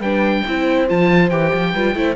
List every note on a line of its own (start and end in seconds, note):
0.00 0.43 G3
0.00 0.46 D4
0.00 0.43 B4
0.00 0.87 G5
0.47 0.90 C4
0.47 0.88 E4
0.47 1.73 C5
0.88 1.31 F3
0.88 1.31 F4
0.88 1.29 A5
1.29 1.52 E3
1.29 1.73 G4
1.29 2.15 G5
1.54 1.74 F3
1.73 1.95 G3
1.73 1.95 F4
1.73 1.95 B4
1.95 2.16 A3
1.95 2.16 E4
1.95 2.16 C5